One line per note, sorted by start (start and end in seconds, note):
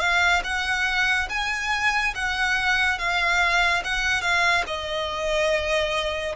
0.00 0.42 F5
0.44 1.28 F#5
1.29 2.14 G#5
2.15 2.98 F#5
2.98 3.83 F5
3.84 4.21 F#5
4.21 4.64 F5
4.67 6.36 D#5